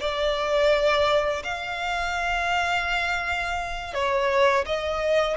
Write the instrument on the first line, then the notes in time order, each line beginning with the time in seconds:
violin
0.00 D5
1.44 F5
3.94 C#5
4.66 D#5